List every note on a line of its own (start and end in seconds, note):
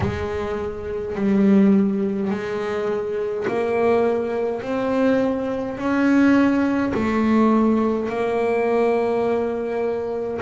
0.00 1.15 G#3
1.15 2.30 G3
2.30 3.46 G#3
3.47 4.62 A#3
4.62 5.77 C4
5.77 6.92 C#4
6.94 8.09 A3
8.09 10.40 A#3